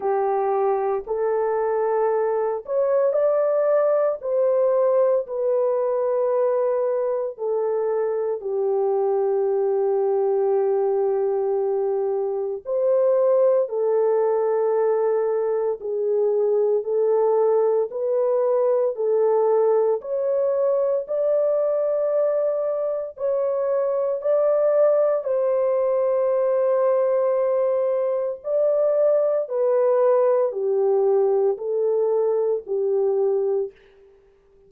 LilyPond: \new Staff \with { instrumentName = "horn" } { \time 4/4 \tempo 4 = 57 g'4 a'4. cis''8 d''4 | c''4 b'2 a'4 | g'1 | c''4 a'2 gis'4 |
a'4 b'4 a'4 cis''4 | d''2 cis''4 d''4 | c''2. d''4 | b'4 g'4 a'4 g'4 | }